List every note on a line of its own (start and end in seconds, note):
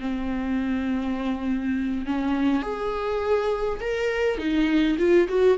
0.00 2.06 C4
2.06 2.63 C#4
2.63 3.80 G#4
3.80 4.38 A#4
4.38 4.97 D#4
4.98 5.28 F4
5.29 5.58 F#4